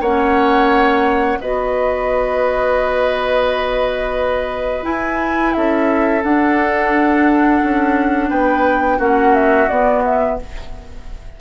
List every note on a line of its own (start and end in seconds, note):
0.00 1.38 A#3
0.00 1.39 C#4
0.00 1.38 C#5
0.00 1.40 F#5
1.39 4.84 B3
1.39 4.82 F#4
1.39 5.54 B4
1.39 4.85 D#5
4.82 6.20 E4
4.82 5.53 E4
4.82 5.53 G#5
5.53 6.23 C#4
5.53 8.29 A4
5.53 6.22 E5
6.23 7.61 D4
6.23 8.99 D4
6.23 8.30 F#5
7.62 8.30 C#4
8.29 8.99 B3
8.29 8.98 B4
8.29 8.99 G5
8.98 9.68 A#3
8.98 9.68 C#4
8.98 10.35 F#4
8.98 9.34 F#5
9.34 9.68 E5
9.68 10.39 B3
9.68 10.40 B3
9.68 10.03 D5
10.04 10.39 E5